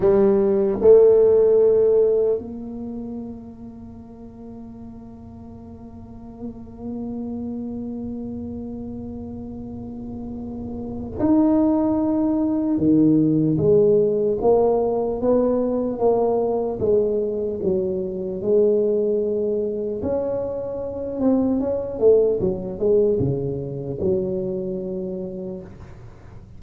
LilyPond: \new Staff \with { instrumentName = "tuba" } { \time 4/4 \tempo 4 = 75 g4 a2 ais4~ | ais1~ | ais1~ | ais2 dis'2 |
dis4 gis4 ais4 b4 | ais4 gis4 fis4 gis4~ | gis4 cis'4. c'8 cis'8 a8 | fis8 gis8 cis4 fis2 | }